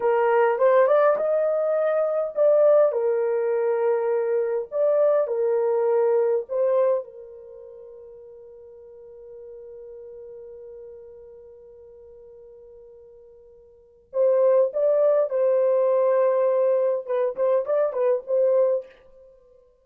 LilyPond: \new Staff \with { instrumentName = "horn" } { \time 4/4 \tempo 4 = 102 ais'4 c''8 d''8 dis''2 | d''4 ais'2. | d''4 ais'2 c''4 | ais'1~ |
ais'1~ | ais'1 | c''4 d''4 c''2~ | c''4 b'8 c''8 d''8 b'8 c''4 | }